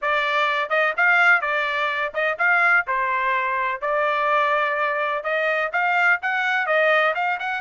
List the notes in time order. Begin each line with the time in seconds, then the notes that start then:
0.01 D5
0.69 D#5
0.97 F5
1.41 D5
2.13 D#5
2.38 F5
2.87 C5
3.81 D5
5.23 D#5
5.72 F5
6.22 F#5
6.66 D#5
7.14 F5
7.39 F#5